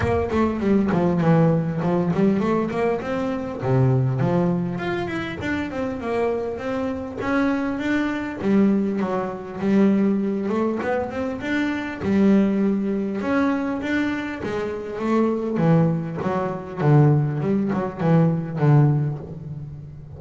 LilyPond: \new Staff \with { instrumentName = "double bass" } { \time 4/4 \tempo 4 = 100 ais8 a8 g8 f8 e4 f8 g8 | a8 ais8 c'4 c4 f4 | f'8 e'8 d'8 c'8 ais4 c'4 | cis'4 d'4 g4 fis4 |
g4. a8 b8 c'8 d'4 | g2 cis'4 d'4 | gis4 a4 e4 fis4 | d4 g8 fis8 e4 d4 | }